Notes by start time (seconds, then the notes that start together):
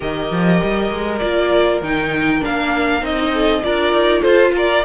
0.00 D#3 G4 A#4 D#5
0.31 F3
0.63 G3
0.90 G#3
1.19 A#3 F4 D5
1.81 D#3 D#4 G5
2.40 A#3 D4 F5
3.01 C4 D#4 D#5
3.32 A4
3.62 D4 F4 A#4 D5
3.93 D#4
4.21 F4 A4 C5
4.55 A#4 D5